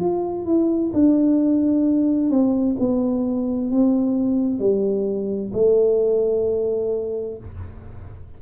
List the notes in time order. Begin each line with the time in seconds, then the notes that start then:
0.00 F4
0.46 E4
0.93 D4
2.30 C4
2.79 B3
3.71 C4
4.59 G3
5.53 A3